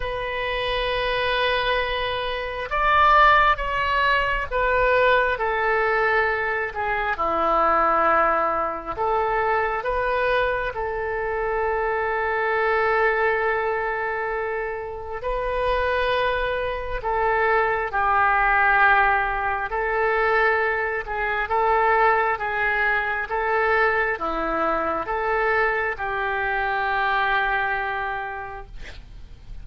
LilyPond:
\new Staff \with { instrumentName = "oboe" } { \time 4/4 \tempo 4 = 67 b'2. d''4 | cis''4 b'4 a'4. gis'8 | e'2 a'4 b'4 | a'1~ |
a'4 b'2 a'4 | g'2 a'4. gis'8 | a'4 gis'4 a'4 e'4 | a'4 g'2. | }